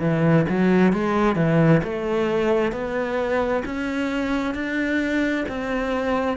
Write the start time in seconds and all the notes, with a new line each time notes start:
0.00 E3
0.49 F#3
0.93 G#3
1.36 E3
1.83 A3
2.72 B3
3.65 C#4
4.55 D4
5.48 C4